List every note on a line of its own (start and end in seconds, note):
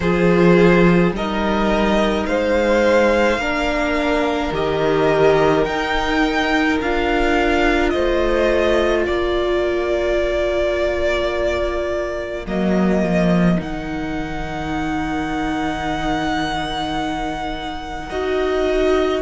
0.00 1.11 F3
0.00 1.16 F4
0.00 1.14 G#4
0.00 1.12 C5
1.11 2.24 G3
1.11 3.41 D#4
1.11 2.27 A#4
1.11 2.26 D#5
2.26 3.37 G#3
2.26 3.40 C5
2.26 4.52 F5
3.37 4.50 A#3
3.37 4.53 D4
3.37 7.93 A#4
4.51 5.64 D#3
4.51 5.66 G4
4.51 5.64 D#5
5.64 6.79 D#4
5.64 6.81 D#4
5.64 6.78 G5
6.80 7.94 D4
6.80 12.46 F4
6.80 7.89 F5
7.89 9.08 A3
7.89 9.06 C5
7.89 9.03 D#5
9.05 12.46 A#3
9.05 18.09 A#4
9.05 12.45 D5
12.46 13.02 F#3
12.46 13.57 A#3
12.46 13.60 D#5
13.02 13.58 F3
13.57 18.10 D#3
13.57 18.10 D#4
13.57 19.22 F#5
18.09 19.22 D#4
18.09 19.22 F#4
18.09 19.22 D#5